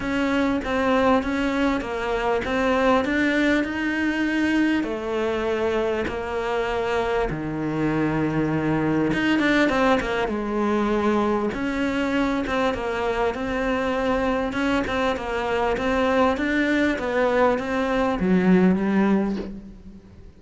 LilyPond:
\new Staff \with { instrumentName = "cello" } { \time 4/4 \tempo 4 = 99 cis'4 c'4 cis'4 ais4 | c'4 d'4 dis'2 | a2 ais2 | dis2. dis'8 d'8 |
c'8 ais8 gis2 cis'4~ | cis'8 c'8 ais4 c'2 | cis'8 c'8 ais4 c'4 d'4 | b4 c'4 fis4 g4 | }